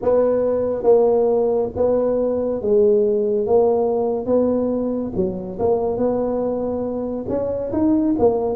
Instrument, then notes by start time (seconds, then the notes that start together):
tuba
0.02 B3
0.83 A#3
1.76 B3
2.61 G#3
3.46 A#3
4.26 B3
5.15 F#3
5.59 A#3
5.97 B3
7.29 C#4
7.72 D#4
8.19 A#3